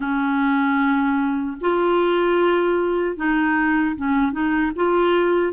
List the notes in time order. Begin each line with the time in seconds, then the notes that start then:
0.00 C#4
1.60 F4
3.16 D#4
3.96 C#4
4.32 D#4
4.75 F4